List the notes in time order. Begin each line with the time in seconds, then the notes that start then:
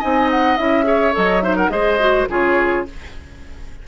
0.00 C4 D#4 D#5 G#5
0.31 F#5
0.57 C#4 E4 E5
0.84 G#4 C#5
1.13 F#3 A4 D#5
1.42 D#4 C5 E5
1.56 A#4 F#5
1.70 G#3 G#4 C5 D#5
2.00 F#4
2.29 C#3 F4 G#4 C#5